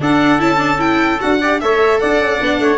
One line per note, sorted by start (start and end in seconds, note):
0.00 0.39 D4
0.00 0.40 D4
0.00 1.40 A4
0.00 0.41 F#5
0.39 1.20 C#4
0.39 0.56 E4
0.39 0.80 A5
0.56 0.76 D4
0.78 1.18 E4
0.78 1.20 G5
1.20 1.62 D4
1.20 1.40 F#4
1.20 1.60 F#5
1.40 1.62 G4
1.40 1.60 D5
1.60 2.02 A3
1.60 2.40 A4
1.60 2.01 C#5
1.60 1.99 E5
1.99 2.19 D4
1.99 2.61 D5
1.99 2.77 F#5
2.19 2.39 C#4
2.40 2.59 B3
2.40 2.77 D4
2.59 2.77 A3
2.59 2.77 C#5